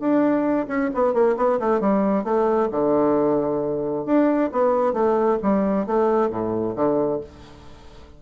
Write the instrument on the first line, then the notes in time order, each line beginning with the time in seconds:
bassoon
0.00 D4
0.68 C#4
0.94 B3
1.14 A#3
1.37 B3
1.60 A3
1.81 G3
2.24 A3
2.72 D3
4.06 D4
4.52 B3
4.94 A3
5.43 G3
5.87 A3
6.30 A2
6.76 D3